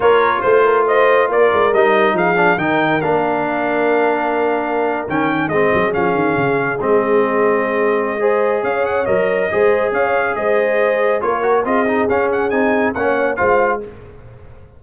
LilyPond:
<<
  \new Staff \with { instrumentName = "trumpet" } { \time 4/4 \tempo 4 = 139 cis''4 c''4 dis''4 d''4 | dis''4 f''4 g''4 f''4~ | f''2.~ f''8. g''16~ | g''8. dis''4 f''2 dis''16~ |
dis''1 | f''8 fis''8 dis''2 f''4 | dis''2 cis''4 dis''4 | f''8 fis''8 gis''4 fis''4 f''4 | }
  \new Staff \with { instrumentName = "horn" } { \time 4/4 ais'4 c''8 ais'8 c''4 ais'4~ | ais'4 gis'4 ais'2~ | ais'1~ | ais'8. gis'2.~ gis'16~ |
gis'2. c''4 | cis''2 c''4 cis''4 | c''2 ais'4 gis'4~ | gis'2 cis''4 c''4 | }
  \new Staff \with { instrumentName = "trombone" } { \time 4/4 f'1 | dis'4. d'8 dis'4 d'4~ | d'2.~ d'8. cis'16~ | cis'8. c'4 cis'2 c'16~ |
c'2. gis'4~ | gis'4 ais'4 gis'2~ | gis'2 f'8 fis'8 f'8 dis'8 | cis'4 dis'4 cis'4 f'4 | }
  \new Staff \with { instrumentName = "tuba" } { \time 4/4 ais4 a2 ais8 gis8 | g4 f4 dis4 ais4~ | ais2.~ ais8. dis16~ | dis8. gis8 fis8 f8 dis8 cis4 gis16~ |
gis1 | cis'4 fis4 gis4 cis'4 | gis2 ais4 c'4 | cis'4 c'4 ais4 gis4 | }
>>